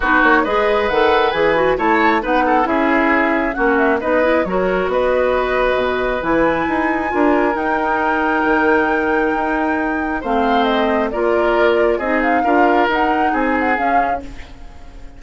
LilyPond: <<
  \new Staff \with { instrumentName = "flute" } { \time 4/4 \tempo 4 = 135 b'8 cis''8 dis''4 fis''4 gis''4 | a''4 fis''4 e''2 | fis''8 e''8 dis''4 cis''4 dis''4~ | dis''2 gis''2~ |
gis''4 g''2.~ | g''2. f''4 | dis''4 d''2 dis''8 f''8~ | f''4 fis''4 gis''8 fis''8 f''4 | }
  \new Staff \with { instrumentName = "oboe" } { \time 4/4 fis'4 b'2. | cis''4 b'8 a'8 gis'2 | fis'4 b'4 ais'4 b'4~ | b'1 |
ais'1~ | ais'2. c''4~ | c''4 ais'2 gis'4 | ais'2 gis'2 | }
  \new Staff \with { instrumentName = "clarinet" } { \time 4/4 dis'4 gis'4 a'4 gis'8 fis'8 | e'4 dis'4 e'2 | cis'4 dis'8 e'8 fis'2~ | fis'2 e'2 |
f'4 dis'2.~ | dis'2. c'4~ | c'4 f'2 dis'4 | f'4 dis'2 cis'4 | }
  \new Staff \with { instrumentName = "bassoon" } { \time 4/4 b8 ais8 gis4 dis4 e4 | a4 b4 cis'2 | ais4 b4 fis4 b4~ | b4 b,4 e4 dis'4 |
d'4 dis'2 dis4~ | dis4 dis'2 a4~ | a4 ais2 c'4 | d'4 dis'4 c'4 cis'4 | }
>>